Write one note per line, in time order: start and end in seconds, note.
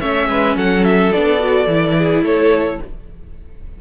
0.00 0.28 A3
0.00 1.12 C#4
0.00 0.28 C#5
0.00 0.57 E5
0.28 0.56 G#3
0.28 0.57 B4
0.56 1.12 F#3
0.56 1.97 A4
0.56 0.84 F#5
0.84 1.12 E5
1.13 1.67 B3
1.13 1.39 D4
1.13 2.25 D5
1.39 1.67 F#4
1.67 2.22 E3
1.67 2.82 E4
1.98 2.25 G#4
2.22 2.79 A3
2.22 2.81 A4
2.22 2.81 C#5